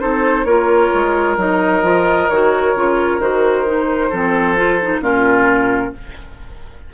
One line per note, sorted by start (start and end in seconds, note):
0.00 0.45 C4
0.00 0.45 D#4
0.00 0.46 A4
0.00 0.45 C5
0.45 0.90 A#3
0.45 1.38 F4
0.45 4.10 A#4
0.45 1.36 C#5
0.94 1.37 G#3
1.37 1.83 F#3
1.37 1.83 D#4
1.37 2.29 D#5
1.83 2.28 F3
1.83 2.29 F4
2.29 2.75 D#3
2.29 2.76 F#4
2.29 3.20 C#5
2.75 3.19 C#3
2.75 3.21 F4
3.19 4.10 D#3
3.19 3.66 F#4
3.19 5.03 C5
3.66 4.11 D#4
4.10 5.01 F3
4.10 4.57 C4
4.10 5.01 A4
4.57 4.80 F4
4.83 5.02 D#4
5.01 5.92 A#2
5.01 5.93 C#4
5.01 5.94 F4
5.01 5.94 A#4